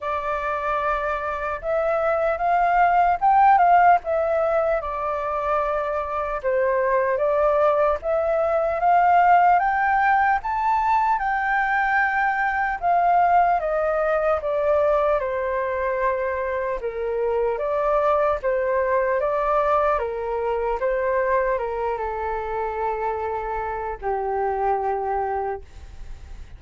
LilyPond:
\new Staff \with { instrumentName = "flute" } { \time 4/4 \tempo 4 = 75 d''2 e''4 f''4 | g''8 f''8 e''4 d''2 | c''4 d''4 e''4 f''4 | g''4 a''4 g''2 |
f''4 dis''4 d''4 c''4~ | c''4 ais'4 d''4 c''4 | d''4 ais'4 c''4 ais'8 a'8~ | a'2 g'2 | }